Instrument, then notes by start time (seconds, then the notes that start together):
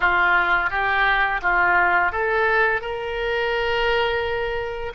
oboe
0.00 F4
0.70 G4
1.42 F4
2.11 A4
2.81 A#4